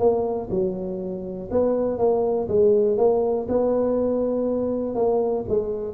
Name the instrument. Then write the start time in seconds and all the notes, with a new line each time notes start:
tuba
0.00 A#3
0.51 F#3
1.52 B3
1.99 A#3
2.49 G#3
2.98 A#3
3.49 B3
4.96 A#3
5.49 G#3